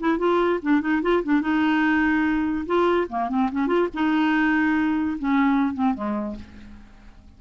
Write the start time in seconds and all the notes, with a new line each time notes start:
0.00 E4
0.18 F4
0.62 D4
0.81 D#4
1.03 F4
1.24 D4
1.42 D#4
2.66 F4
3.09 A#3
3.29 C4
3.52 C#4
3.67 F4
3.94 D#4
5.19 C#4
5.74 C4
5.94 G#3